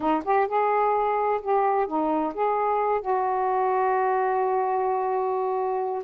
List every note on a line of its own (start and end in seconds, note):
0.00 0.22 D#4
0.24 0.47 G4
0.47 1.40 G#4
1.41 1.87 G4
1.87 2.33 D#4
2.34 3.01 G#4
3.01 6.03 F#4